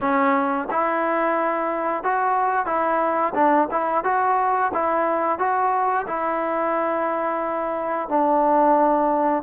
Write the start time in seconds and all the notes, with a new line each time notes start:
0.00 C#4
0.70 E4
2.03 F#4
2.65 E4
3.34 D4
3.71 E4
4.04 F#4
4.73 E4
5.38 F#4
6.07 E4
8.08 D4